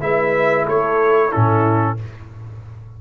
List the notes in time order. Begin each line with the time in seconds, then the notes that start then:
0.00 G#3 E4 B4 E5
0.65 A3 A4 C#5
1.28 C#4 E4 A4
1.35 A2